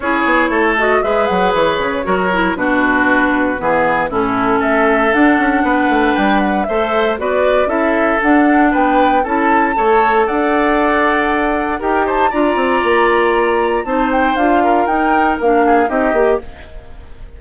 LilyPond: <<
  \new Staff \with { instrumentName = "flute" } { \time 4/4 \tempo 4 = 117 cis''4. dis''8 e''8 fis''8 cis''4~ | cis''4 b'2. | a'4 e''4 fis''2 | g''8 fis''8 e''4 d''4 e''4 |
fis''4 g''4 a''2 | fis''2. g''8 a''8 | ais''2. a''8 g''8 | f''4 g''4 f''4 dis''4 | }
  \new Staff \with { instrumentName = "oboe" } { \time 4/4 gis'4 a'4 b'2 | ais'4 fis'2 gis'4 | e'4 a'2 b'4~ | b'4 c''4 b'4 a'4~ |
a'4 b'4 a'4 cis''4 | d''2. ais'8 c''8 | d''2. c''4~ | c''8 ais'2 gis'8 g'4 | }
  \new Staff \with { instrumentName = "clarinet" } { \time 4/4 e'4. fis'8 gis'2 | fis'8 e'8 d'2 b4 | cis'2 d'2~ | d'4 a'4 fis'4 e'4 |
d'2 e'4 a'4~ | a'2. g'4 | f'2. dis'4 | f'4 dis'4 d'4 dis'8 g'8 | }
  \new Staff \with { instrumentName = "bassoon" } { \time 4/4 cis'8 b8 a4 gis8 fis8 e8 cis8 | fis4 b,2 e4 | a,4 a4 d'8 cis'8 b8 a8 | g4 a4 b4 cis'4 |
d'4 b4 cis'4 a4 | d'2. dis'4 | d'8 c'8 ais2 c'4 | d'4 dis'4 ais4 c'8 ais8 | }
>>